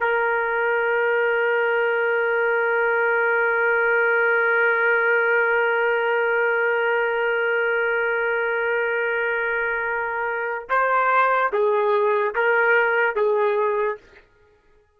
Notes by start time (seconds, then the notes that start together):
0.00 A#4
10.69 C5
11.52 G#4
12.35 A#4
13.15 G#4